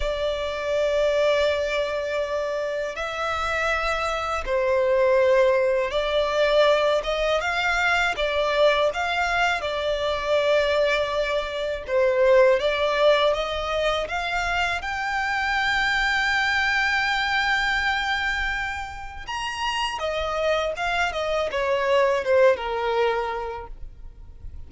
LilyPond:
\new Staff \with { instrumentName = "violin" } { \time 4/4 \tempo 4 = 81 d''1 | e''2 c''2 | d''4. dis''8 f''4 d''4 | f''4 d''2. |
c''4 d''4 dis''4 f''4 | g''1~ | g''2 ais''4 dis''4 | f''8 dis''8 cis''4 c''8 ais'4. | }